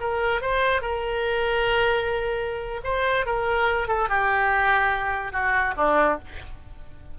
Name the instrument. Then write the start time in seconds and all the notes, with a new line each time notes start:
oboe
0.00 A#4
0.41 C5
0.81 A#4
2.84 C5
3.26 A#4
3.88 A4
4.09 G4
5.32 F#4
5.76 D4